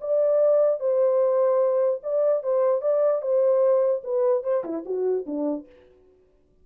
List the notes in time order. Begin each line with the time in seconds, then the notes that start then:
0.00 D5
0.79 C5
2.02 D5
2.43 C5
2.81 D5
3.21 C5
4.03 B4
4.43 C5
4.64 E4
4.85 F#4
5.26 D4